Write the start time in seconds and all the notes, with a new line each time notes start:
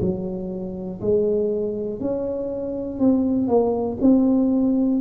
0.00 F#3
1.00 G#3
2.00 C#4
2.99 C4
3.47 A#3
4.01 C4